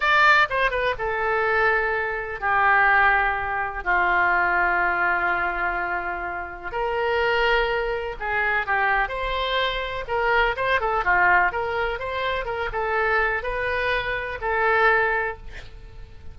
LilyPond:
\new Staff \with { instrumentName = "oboe" } { \time 4/4 \tempo 4 = 125 d''4 c''8 b'8 a'2~ | a'4 g'2. | f'1~ | f'2 ais'2~ |
ais'4 gis'4 g'4 c''4~ | c''4 ais'4 c''8 a'8 f'4 | ais'4 c''4 ais'8 a'4. | b'2 a'2 | }